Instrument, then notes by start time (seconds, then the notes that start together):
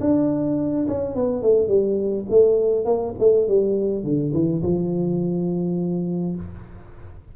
tuba
0.00 D4
0.87 C#4
1.15 B3
1.42 A3
1.68 G3
2.29 A3
2.85 A#3
3.19 A3
3.47 G3
4.03 D3
4.33 E3
4.63 F3